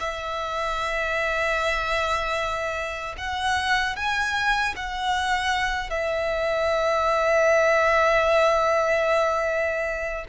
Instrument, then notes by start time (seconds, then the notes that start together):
violin
0.00 E5
3.18 F#5
3.96 G#5
4.76 F#5
5.90 E5